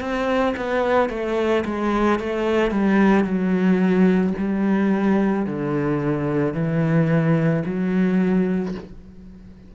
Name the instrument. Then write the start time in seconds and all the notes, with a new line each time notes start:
cello
0.00 C4
0.57 B3
1.10 A3
1.65 G#3
2.19 A3
2.71 G3
3.24 F#3
4.38 G3
5.46 D3
6.54 E3
7.66 F#3